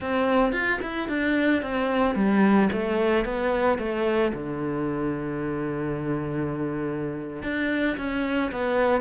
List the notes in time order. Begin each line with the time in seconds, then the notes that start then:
0.00 C4
0.52 F4
0.82 E4
1.08 D4
1.62 C4
2.15 G3
2.72 A3
3.24 B3
3.78 A3
4.33 D3
7.42 D4
7.97 C#4
8.51 B3